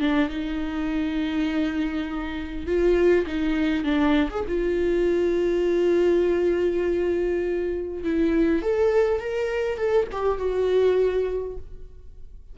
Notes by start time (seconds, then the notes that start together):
0.00 D4
0.29 D#4
2.66 F4
3.26 D#4
3.84 D4
4.30 G#4
4.47 F4
8.04 E4
8.62 A4
9.20 A#4
9.77 A4
10.11 G4
10.38 F#4